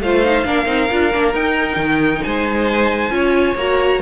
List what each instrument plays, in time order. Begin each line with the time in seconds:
0.00 cello A3, viola F4, violin C5 F5
0.24 viola D#4
0.44 cello A#3, viola D4, violin A#4
0.65 cello C4, viola D#4
0.90 cello D4, viola F4
1.12 cello A#3, viola D4
1.34 cello D#4, viola D#4, violin G5
1.76 cello D#3
2.23 cello G#3, violin C5 G#5
3.10 cello C#4, viola F4, violin C#5
3.55 cello A#3, viola F#4, violin A#5